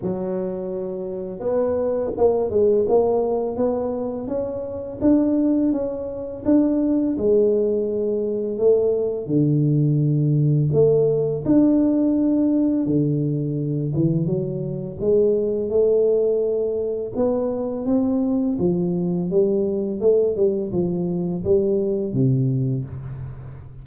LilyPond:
\new Staff \with { instrumentName = "tuba" } { \time 4/4 \tempo 4 = 84 fis2 b4 ais8 gis8 | ais4 b4 cis'4 d'4 | cis'4 d'4 gis2 | a4 d2 a4 |
d'2 d4. e8 | fis4 gis4 a2 | b4 c'4 f4 g4 | a8 g8 f4 g4 c4 | }